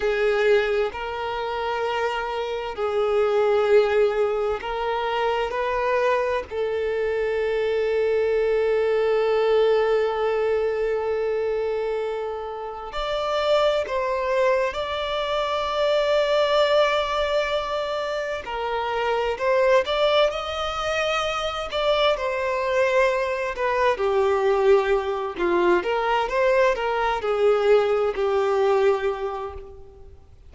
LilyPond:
\new Staff \with { instrumentName = "violin" } { \time 4/4 \tempo 4 = 65 gis'4 ais'2 gis'4~ | gis'4 ais'4 b'4 a'4~ | a'1~ | a'2 d''4 c''4 |
d''1 | ais'4 c''8 d''8 dis''4. d''8 | c''4. b'8 g'4. f'8 | ais'8 c''8 ais'8 gis'4 g'4. | }